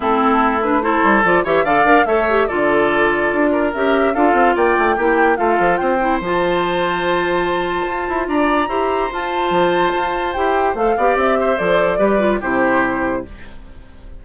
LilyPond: <<
  \new Staff \with { instrumentName = "flute" } { \time 4/4 \tempo 4 = 145 a'4. b'8 c''4 d''8 e''8 | f''4 e''4 d''2~ | d''4 e''4 f''4 g''4~ | g''4 f''4 g''4 a''4~ |
a''1 | ais''2 a''2~ | a''4 g''4 f''4 e''4 | d''2 c''2 | }
  \new Staff \with { instrumentName = "oboe" } { \time 4/4 e'2 a'4. cis''8 | d''4 cis''4 a'2~ | a'8 ais'4. a'4 d''4 | g'4 a'4 c''2~ |
c''1 | d''4 c''2.~ | c''2~ c''8 d''4 c''8~ | c''4 b'4 g'2 | }
  \new Staff \with { instrumentName = "clarinet" } { \time 4/4 c'4. d'8 e'4 f'8 g'8 | a'8 ais'8 a'8 g'8 f'2~ | f'4 g'4 f'2 | e'4 f'4. e'8 f'4~ |
f'1~ | f'4 g'4 f'2~ | f'4 g'4 a'8 g'4. | a'4 g'8 f'8 e'2 | }
  \new Staff \with { instrumentName = "bassoon" } { \time 4/4 a2~ a8 g8 f8 e8 | d8 d'8 a4 d2 | d'4 cis'4 d'8 c'8 ais8 a8 | ais4 a8 f8 c'4 f4~ |
f2. f'8 e'8 | d'4 e'4 f'4 f4 | f'4 e'4 a8 b8 c'4 | f4 g4 c2 | }
>>